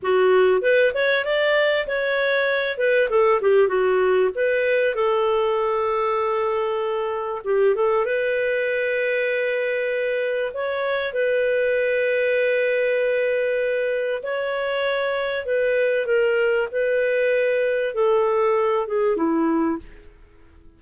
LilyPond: \new Staff \with { instrumentName = "clarinet" } { \time 4/4 \tempo 4 = 97 fis'4 b'8 cis''8 d''4 cis''4~ | cis''8 b'8 a'8 g'8 fis'4 b'4 | a'1 | g'8 a'8 b'2.~ |
b'4 cis''4 b'2~ | b'2. cis''4~ | cis''4 b'4 ais'4 b'4~ | b'4 a'4. gis'8 e'4 | }